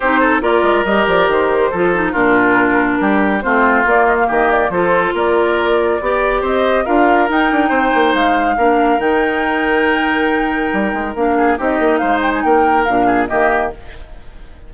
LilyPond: <<
  \new Staff \with { instrumentName = "flute" } { \time 4/4 \tempo 4 = 140 c''4 d''4 dis''8 d''8 c''4~ | c''4 ais'2. | c''4 d''8 dis''16 f''16 dis''8 d''8 c''4 | d''2. dis''4 |
f''4 g''2 f''4~ | f''4 g''2.~ | g''2 f''4 dis''4 | f''8 g''16 gis''16 g''4 f''4 dis''4 | }
  \new Staff \with { instrumentName = "oboe" } { \time 4/4 g'8 a'8 ais'2. | a'4 f'2 g'4 | f'2 g'4 a'4 | ais'2 d''4 c''4 |
ais'2 c''2 | ais'1~ | ais'2~ ais'8 gis'8 g'4 | c''4 ais'4. gis'8 g'4 | }
  \new Staff \with { instrumentName = "clarinet" } { \time 4/4 dis'4 f'4 g'2 | f'8 dis'8 d'2. | c'4 ais2 f'4~ | f'2 g'2 |
f'4 dis'2. | d'4 dis'2.~ | dis'2 d'4 dis'4~ | dis'2 d'4 ais4 | }
  \new Staff \with { instrumentName = "bassoon" } { \time 4/4 c'4 ais8 gis8 g8 f8 dis4 | f4 ais,2 g4 | a4 ais4 dis4 f4 | ais2 b4 c'4 |
d'4 dis'8 d'8 c'8 ais8 gis4 | ais4 dis2.~ | dis4 g8 gis8 ais4 c'8 ais8 | gis4 ais4 ais,4 dis4 | }
>>